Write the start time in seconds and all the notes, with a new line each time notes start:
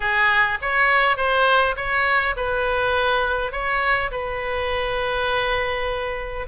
0.00 G#4
0.61 C#5
1.16 C5
1.76 C#5
2.36 B4
3.52 C#5
4.11 B4